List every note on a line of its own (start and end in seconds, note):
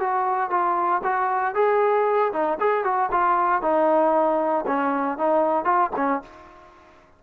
0.00 0.51 F#4
0.51 1.02 F4
1.04 1.55 F#4
1.55 2.33 G#4
2.33 2.59 D#4
2.60 2.84 G#4
2.84 3.10 F#4
3.12 3.62 F4
3.62 4.66 D#4
4.67 5.18 C#4
5.18 5.65 D#4
5.65 5.91 F4
5.96 6.22 C#4